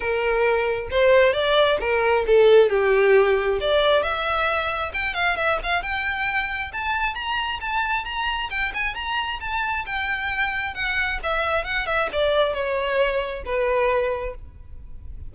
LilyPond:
\new Staff \with { instrumentName = "violin" } { \time 4/4 \tempo 4 = 134 ais'2 c''4 d''4 | ais'4 a'4 g'2 | d''4 e''2 g''8 f''8 | e''8 f''8 g''2 a''4 |
ais''4 a''4 ais''4 g''8 gis''8 | ais''4 a''4 g''2 | fis''4 e''4 fis''8 e''8 d''4 | cis''2 b'2 | }